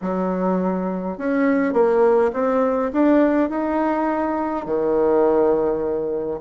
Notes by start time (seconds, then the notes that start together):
0.01 F#3
1.18 C#4
1.73 A#3
2.33 C4
2.92 D4
3.49 D#4
4.65 D#3